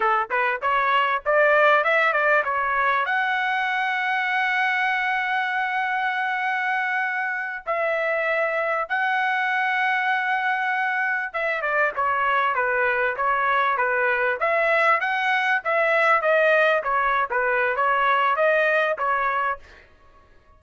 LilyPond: \new Staff \with { instrumentName = "trumpet" } { \time 4/4 \tempo 4 = 98 a'8 b'8 cis''4 d''4 e''8 d''8 | cis''4 fis''2.~ | fis''1~ | fis''8 e''2 fis''4.~ |
fis''2~ fis''8 e''8 d''8 cis''8~ | cis''8 b'4 cis''4 b'4 e''8~ | e''8 fis''4 e''4 dis''4 cis''8~ | cis''16 b'8. cis''4 dis''4 cis''4 | }